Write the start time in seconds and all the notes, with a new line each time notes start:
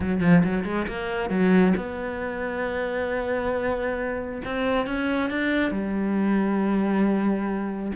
0.00 F#3
0.21 F3
0.44 F#3
0.64 G#3
0.87 A#3
1.29 F#3
1.76 B3
4.44 C4
4.86 C#4
5.30 D4
5.71 G3